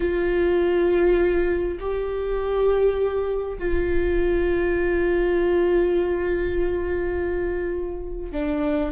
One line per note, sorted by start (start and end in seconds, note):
0.00 1.78 F4
1.80 3.58 G4
3.58 8.32 F4
8.32 8.91 D4